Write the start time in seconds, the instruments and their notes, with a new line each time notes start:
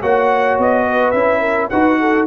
0.00 tuba A#3, trombone F#4, horn C#5, trumpet F#5
0.58 tuba B3, trumpet D#5
0.88 horn B4
1.10 tuba C#4, trombone E4, trumpet E5
1.40 horn A#4
1.69 tuba D#4, trombone F#4, horn B4, trumpet F#5
2.00 horn A4